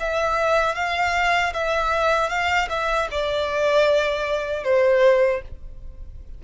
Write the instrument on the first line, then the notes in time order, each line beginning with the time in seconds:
violin
0.00 E5
0.75 F5
1.53 E5
2.30 F5
2.69 E5
3.11 D5
4.64 C5